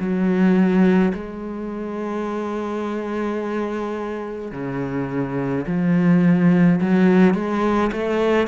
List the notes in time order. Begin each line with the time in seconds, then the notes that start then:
0.00 F#3
1.14 G#3
4.52 C#3
5.68 F3
6.81 F#3
7.35 G#3
7.92 A3